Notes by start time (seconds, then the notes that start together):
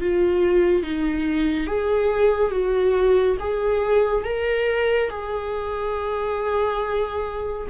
0.00 F4
0.83 D#4
1.67 G#4
2.51 F#4
3.39 G#4
4.24 A#4
5.10 G#4